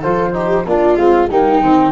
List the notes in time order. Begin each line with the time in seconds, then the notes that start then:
0.00 F3 F4 A4 C5
0.33 D#4 G4
0.66 A#3 D4 F4 D5
0.96 G#3 C4 F5
1.30 G3 A#3 D#4 G5
1.61 D#3 C4